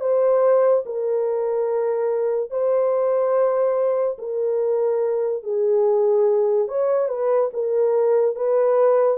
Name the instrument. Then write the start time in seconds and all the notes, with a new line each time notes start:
horn
0.00 C5
0.85 A#4
2.50 C5
4.18 A#4
5.43 G#4
6.68 C#5
7.08 B4
7.53 A#4
8.35 B4